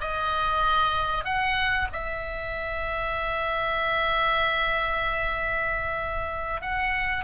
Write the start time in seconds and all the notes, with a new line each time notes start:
0.00 D#5
1.24 F#5
1.92 E5
6.61 F#5